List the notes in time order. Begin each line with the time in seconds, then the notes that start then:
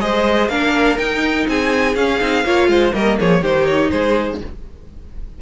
0.00 G#3 G#4 C5 D#5
0.49 A#3 D4 A#4 F5
0.98 D#4 G5
1.48 C4 G#4 G#5
1.95 C#4 F5
2.20 C4 D#4
2.44 A#3 F4 C#5
2.68 G#3 C5
2.93 G3 A#3 A#4 D#5
3.19 F3 G#4 C#5
3.42 D#3 D#4 G4 C5
3.66 C#5
3.90 G#3 G#4 C5